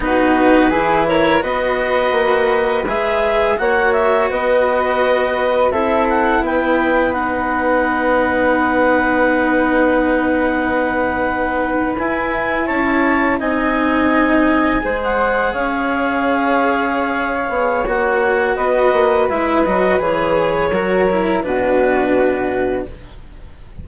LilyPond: <<
  \new Staff \with { instrumentName = "clarinet" } { \time 4/4 \tempo 4 = 84 b'4. cis''8 dis''2 | e''4 fis''8 e''8 dis''2 | e''8 fis''8 g''4 fis''2~ | fis''1~ |
fis''8. gis''4 a''4 gis''4~ gis''16~ | gis''4 fis''8. f''2~ f''16~ | f''4 fis''4 dis''4 e''8 dis''8 | cis''2 b'2 | }
  \new Staff \with { instrumentName = "flute" } { \time 4/4 fis'4 gis'8 ais'8 b'2~ | b'4 cis''4 b'2 | a'4 b'2.~ | b'1~ |
b'4.~ b'16 cis''4 dis''4~ dis''16~ | dis''8. c''4 cis''2~ cis''16~ | cis''2 b'2~ | b'4 ais'4 fis'2 | }
  \new Staff \with { instrumentName = "cello" } { \time 4/4 dis'4 e'4 fis'2 | gis'4 fis'2. | e'2 dis'2~ | dis'1~ |
dis'8. e'2 dis'4~ dis'16~ | dis'8. gis'2.~ gis'16~ | gis'4 fis'2 e'8 fis'8 | gis'4 fis'8 e'8 d'2 | }
  \new Staff \with { instrumentName = "bassoon" } { \time 4/4 b4 e4 b4 ais4 | gis4 ais4 b2 | c'4 b2.~ | b1~ |
b8. e'4 cis'4 c'4~ c'16~ | c'8. gis4 cis'2~ cis'16~ | cis'8 b8 ais4 b8 ais8 gis8 fis8 | e4 fis4 b,2 | }
>>